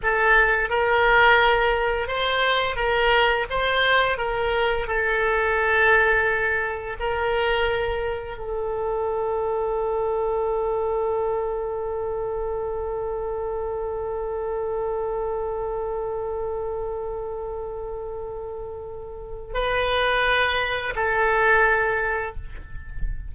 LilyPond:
\new Staff \with { instrumentName = "oboe" } { \time 4/4 \tempo 4 = 86 a'4 ais'2 c''4 | ais'4 c''4 ais'4 a'4~ | a'2 ais'2 | a'1~ |
a'1~ | a'1~ | a'1 | b'2 a'2 | }